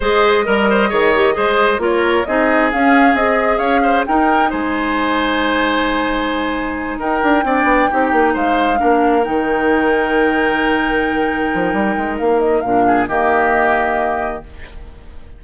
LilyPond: <<
  \new Staff \with { instrumentName = "flute" } { \time 4/4 \tempo 4 = 133 dis''1 | cis''4 dis''4 f''4 dis''4 | f''4 g''4 gis''2~ | gis''2.~ gis''8 g''8~ |
g''2~ g''8 f''4.~ | f''8 g''2.~ g''8~ | g''2. f''8 dis''8 | f''4 dis''2. | }
  \new Staff \with { instrumentName = "oboe" } { \time 4/4 c''4 ais'8 c''8 cis''4 c''4 | ais'4 gis'2. | cis''8 c''8 ais'4 c''2~ | c''2.~ c''8 ais'8~ |
ais'8 d''4 g'4 c''4 ais'8~ | ais'1~ | ais'1~ | ais'8 gis'8 g'2. | }
  \new Staff \with { instrumentName = "clarinet" } { \time 4/4 gis'4 ais'4 gis'8 g'8 gis'4 | f'4 dis'4 cis'4 gis'4~ | gis'4 dis'2.~ | dis'1~ |
dis'8 d'4 dis'2 d'8~ | d'8 dis'2.~ dis'8~ | dis'1 | d'4 ais2. | }
  \new Staff \with { instrumentName = "bassoon" } { \time 4/4 gis4 g4 dis4 gis4 | ais4 c'4 cis'4 c'4 | cis'4 dis'4 gis2~ | gis2.~ gis8 dis'8 |
d'8 c'8 b8 c'8 ais8 gis4 ais8~ | ais8 dis2.~ dis8~ | dis4. f8 g8 gis8 ais4 | ais,4 dis2. | }
>>